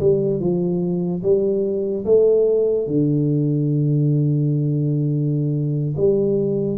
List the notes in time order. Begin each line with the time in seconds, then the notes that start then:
0.00 G3
0.40 F3
1.23 G3
2.05 A3
2.87 D3
5.97 G3